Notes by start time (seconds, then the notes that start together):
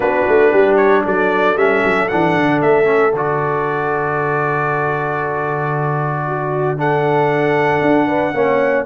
0.00 B3 D4 F#4 B4
0.28 A3
0.51 G3 G4
0.76 C#5
1.03 F#3 A4 D5
1.56 G3 C#4 E5
1.83 F#3
2.08 E3 D4 F#5
2.35 D3
2.61 A3 E5
2.84 C#4
3.12 D3 F#4 D5
6.27 F#4
6.77 D4 A4 F#5
7.81 D4
8.07 B4
8.33 A#3 C#4 C#5